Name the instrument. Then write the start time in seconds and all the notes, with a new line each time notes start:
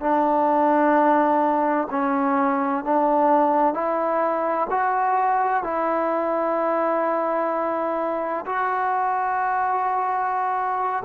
trombone
0.00 D4
1.90 C#4
2.84 D4
3.74 E4
4.70 F#4
5.63 E4
8.45 F#4